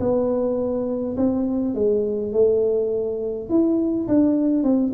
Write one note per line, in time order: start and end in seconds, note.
0.00 1.17 B3
1.18 1.75 C4
1.75 2.33 G#3
2.33 3.50 A3
3.50 4.08 E4
4.08 4.64 D4
4.64 4.93 C4